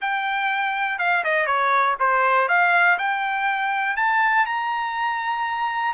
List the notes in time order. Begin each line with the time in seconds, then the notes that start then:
0.01 G5
0.98 F5
1.24 D#5
1.46 C#5
1.99 C5
2.48 F5
2.98 G5
3.96 A5
4.46 A#5